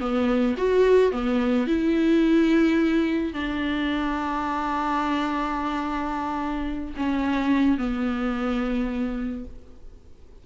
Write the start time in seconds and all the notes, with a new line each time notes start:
0.00 B3
0.58 F#4
1.12 B3
1.67 E4
3.34 D4
6.97 C#4
7.78 B3